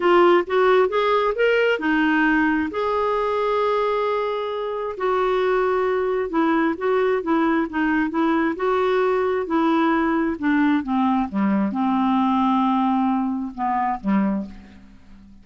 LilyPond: \new Staff \with { instrumentName = "clarinet" } { \time 4/4 \tempo 4 = 133 f'4 fis'4 gis'4 ais'4 | dis'2 gis'2~ | gis'2. fis'4~ | fis'2 e'4 fis'4 |
e'4 dis'4 e'4 fis'4~ | fis'4 e'2 d'4 | c'4 g4 c'2~ | c'2 b4 g4 | }